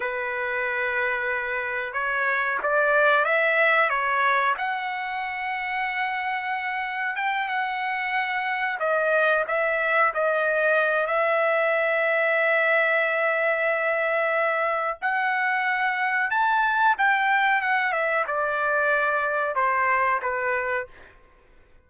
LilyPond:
\new Staff \with { instrumentName = "trumpet" } { \time 4/4 \tempo 4 = 92 b'2. cis''4 | d''4 e''4 cis''4 fis''4~ | fis''2. g''8 fis''8~ | fis''4. dis''4 e''4 dis''8~ |
dis''4 e''2.~ | e''2. fis''4~ | fis''4 a''4 g''4 fis''8 e''8 | d''2 c''4 b'4 | }